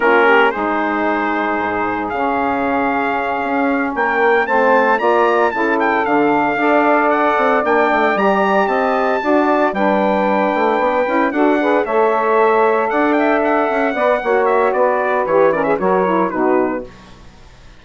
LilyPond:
<<
  \new Staff \with { instrumentName = "trumpet" } { \time 4/4 \tempo 4 = 114 ais'4 c''2. | f''2.~ f''8 g''8~ | g''8 a''4 ais''4 a''8 g''8 f''8~ | f''4. fis''4 g''4 ais''8~ |
ais''8 a''2 g''4.~ | g''4. fis''4 e''4.~ | e''8 fis''8 g''8 fis''2 e''8 | d''4 cis''8 d''16 e''16 cis''4 b'4 | }
  \new Staff \with { instrumentName = "saxophone" } { \time 4/4 f'8 g'8 gis'2.~ | gis'2.~ gis'8 ais'8~ | ais'8 c''4 d''4 a'4.~ | a'8 d''2.~ d''8~ |
d''8 dis''4 d''4 b'4.~ | b'4. a'8 b'8 cis''4.~ | cis''8 d''8 e''4. d''8 cis''4 | b'4. ais'16 gis'16 ais'4 fis'4 | }
  \new Staff \with { instrumentName = "saxophone" } { \time 4/4 cis'4 dis'2. | cis'1~ | cis'8 c'4 f'4 e'4 d'8~ | d'8 a'2 d'4 g'8~ |
g'4. fis'4 d'4.~ | d'4 e'8 fis'8 gis'8 a'4.~ | a'2~ a'8 b'8 fis'4~ | fis'4 g'8 cis'8 fis'8 e'8 dis'4 | }
  \new Staff \with { instrumentName = "bassoon" } { \time 4/4 ais4 gis2 gis,4 | cis2~ cis8 cis'4 ais8~ | ais8 a4 ais4 cis4 d8~ | d8 d'4. c'8 ais8 a8 g8~ |
g8 c'4 d'4 g4. | a8 b8 cis'8 d'4 a4.~ | a8 d'4. cis'8 b8 ais4 | b4 e4 fis4 b,4 | }
>>